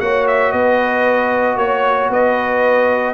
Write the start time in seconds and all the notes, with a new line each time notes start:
0.00 A#3 F#4 C#5 F#5
0.27 E5
0.52 B3 B4 D#5
1.56 A#3 C#5
2.09 B3 B4 D#5